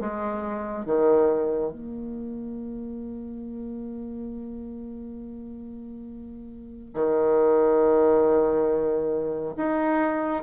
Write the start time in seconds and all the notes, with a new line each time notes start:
0.00 G#3
0.86 D#3
1.73 A#3
6.94 D#3
9.57 D#4